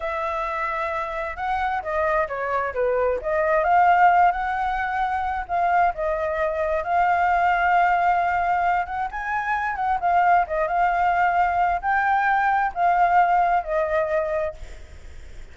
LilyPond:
\new Staff \with { instrumentName = "flute" } { \time 4/4 \tempo 4 = 132 e''2. fis''4 | dis''4 cis''4 b'4 dis''4 | f''4. fis''2~ fis''8 | f''4 dis''2 f''4~ |
f''2.~ f''8 fis''8 | gis''4. fis''8 f''4 dis''8 f''8~ | f''2 g''2 | f''2 dis''2 | }